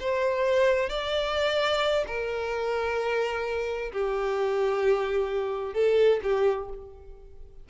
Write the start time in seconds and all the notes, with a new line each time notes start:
0.00 C5
0.90 D5
2.07 A#4
3.93 G4
5.74 A4
6.23 G4